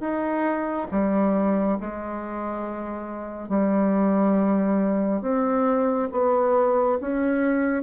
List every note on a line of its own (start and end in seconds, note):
0.00 0.87 D#4
0.91 1.78 G3
1.81 3.49 G#3
3.49 5.21 G3
5.21 6.08 C4
6.11 6.98 B3
7.01 7.83 C#4